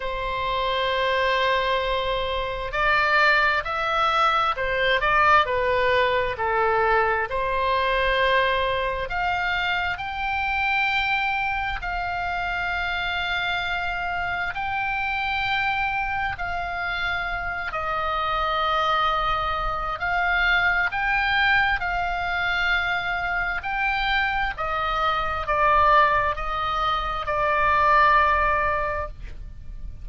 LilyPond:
\new Staff \with { instrumentName = "oboe" } { \time 4/4 \tempo 4 = 66 c''2. d''4 | e''4 c''8 d''8 b'4 a'4 | c''2 f''4 g''4~ | g''4 f''2. |
g''2 f''4. dis''8~ | dis''2 f''4 g''4 | f''2 g''4 dis''4 | d''4 dis''4 d''2 | }